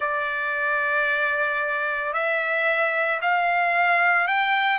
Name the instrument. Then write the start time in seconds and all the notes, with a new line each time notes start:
trumpet
0.00 D5
2.13 E5
3.21 F5
4.27 G5